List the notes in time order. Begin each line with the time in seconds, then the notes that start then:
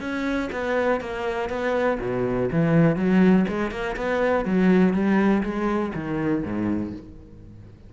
0.00 C#4
0.52 B3
1.00 A#3
1.49 B3
2.00 B2
2.51 E3
2.96 F#3
3.48 G#3
3.71 A#3
3.96 B3
4.45 F#3
4.93 G3
5.43 G#3
5.94 D#3
6.44 G#2